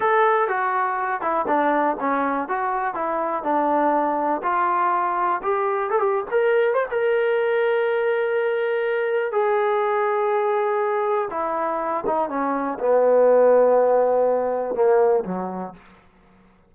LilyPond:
\new Staff \with { instrumentName = "trombone" } { \time 4/4 \tempo 4 = 122 a'4 fis'4. e'8 d'4 | cis'4 fis'4 e'4 d'4~ | d'4 f'2 g'4 | a'16 g'8 ais'4 c''16 ais'2~ |
ais'2. gis'4~ | gis'2. e'4~ | e'8 dis'8 cis'4 b2~ | b2 ais4 fis4 | }